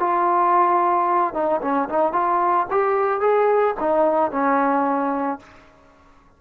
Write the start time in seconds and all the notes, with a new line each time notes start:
0.00 F4
1.34 D#4
1.62 C#4
1.89 D#4
2.13 F4
2.71 G4
3.21 G#4
3.80 D#4
4.32 C#4